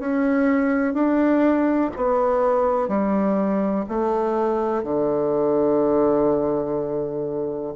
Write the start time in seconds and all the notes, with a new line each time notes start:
0.00 C#4
0.94 D4
1.97 B3
2.89 G3
3.89 A3
4.84 D3